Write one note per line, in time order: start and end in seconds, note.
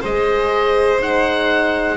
0.00 1.97 G#3
0.00 0.99 G#4
0.00 1.97 C5
0.00 1.01 D#5
0.99 1.97 D#4
0.99 1.97 F#5